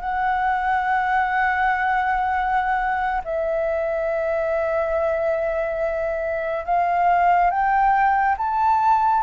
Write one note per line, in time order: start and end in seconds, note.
0.00 3.21 F#5
3.25 6.65 E5
6.65 7.50 F5
7.50 8.36 G5
8.38 9.23 A5